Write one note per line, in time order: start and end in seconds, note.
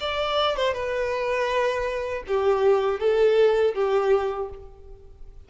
0.00 0.56 D5
0.56 0.73 C5
0.73 2.23 B4
2.27 2.99 G4
2.99 3.74 A4
3.74 4.49 G4